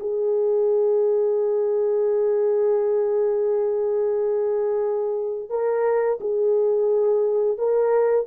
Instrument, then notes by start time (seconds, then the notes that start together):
horn
0.00 G#4
5.50 A#4
6.20 G#4
7.58 A#4